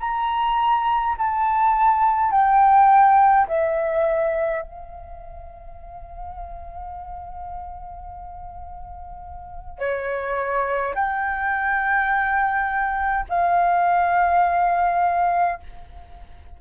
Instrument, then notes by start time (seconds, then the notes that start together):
flute
0.00 A#5
1.18 A5
2.31 G5
3.48 E5
4.62 F5
9.79 C#5
10.95 G5
13.30 F5